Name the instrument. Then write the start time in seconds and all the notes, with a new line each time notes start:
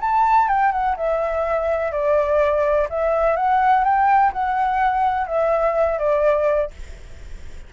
flute
0.00 A5
0.48 G5
0.72 F#5
0.96 E5
1.92 D5
2.89 E5
3.36 F#5
3.84 G5
4.32 F#5
5.27 E5
5.98 D5